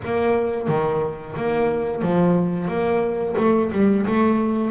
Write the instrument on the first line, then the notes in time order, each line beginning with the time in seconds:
double bass
0.04 A#3
0.68 D#3
1.36 A#3
2.02 F3
2.68 A#3
3.37 A3
3.72 G3
4.06 A3